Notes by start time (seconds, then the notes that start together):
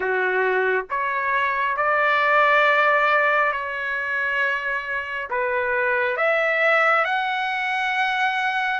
0.00 F#4
0.89 C#5
1.76 D5
3.52 C#5
5.30 B4
6.16 E5
7.04 F#5